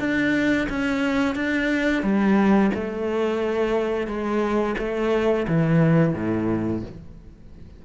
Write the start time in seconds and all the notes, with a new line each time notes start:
0.00 D4
0.70 C#4
1.36 D4
2.03 G3
2.75 A3
4.08 G#3
4.79 A3
5.48 E3
6.15 A2